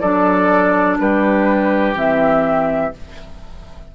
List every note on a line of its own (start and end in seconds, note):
0.00 0.98 F#3
0.00 1.95 D4
0.00 0.97 A4
0.00 0.97 D5
0.99 1.94 G3
0.99 2.95 G4
0.99 1.95 B4
1.94 2.91 E3
1.94 2.92 C4
1.94 2.93 E5